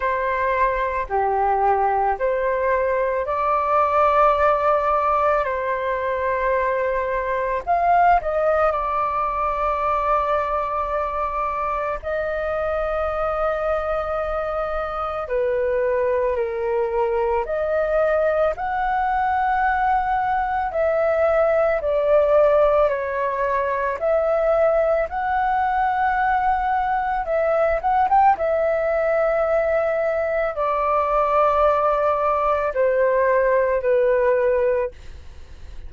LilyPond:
\new Staff \with { instrumentName = "flute" } { \time 4/4 \tempo 4 = 55 c''4 g'4 c''4 d''4~ | d''4 c''2 f''8 dis''8 | d''2. dis''4~ | dis''2 b'4 ais'4 |
dis''4 fis''2 e''4 | d''4 cis''4 e''4 fis''4~ | fis''4 e''8 fis''16 g''16 e''2 | d''2 c''4 b'4 | }